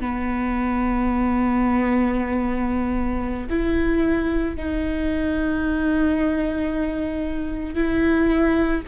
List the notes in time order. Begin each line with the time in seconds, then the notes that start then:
0.00 B3
3.50 E4
4.56 D#4
7.74 E4